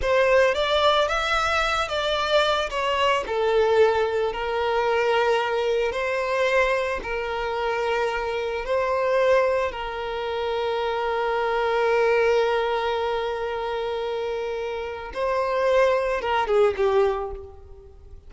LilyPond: \new Staff \with { instrumentName = "violin" } { \time 4/4 \tempo 4 = 111 c''4 d''4 e''4. d''8~ | d''4 cis''4 a'2 | ais'2. c''4~ | c''4 ais'2. |
c''2 ais'2~ | ais'1~ | ais'1 | c''2 ais'8 gis'8 g'4 | }